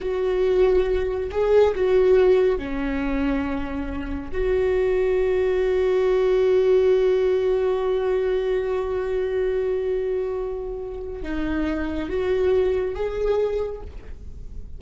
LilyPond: \new Staff \with { instrumentName = "viola" } { \time 4/4 \tempo 4 = 139 fis'2. gis'4 | fis'2 cis'2~ | cis'2 fis'2~ | fis'1~ |
fis'1~ | fis'1~ | fis'2 dis'2 | fis'2 gis'2 | }